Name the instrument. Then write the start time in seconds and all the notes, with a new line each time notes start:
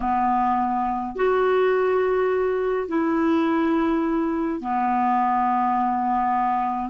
clarinet
0.00 B3
1.15 F#4
2.87 E4
4.60 B3